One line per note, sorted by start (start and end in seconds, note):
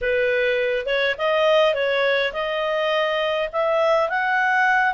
0.01 0.86 B4
0.86 1.15 C#5
1.18 1.74 D#5
1.74 2.32 C#5
2.32 3.49 D#5
3.52 4.09 E5
4.09 4.94 F#5